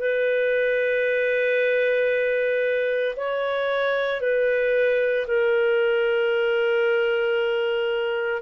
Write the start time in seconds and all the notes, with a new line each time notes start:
0.00 B4
3.16 C#5
4.21 B4
5.27 A#4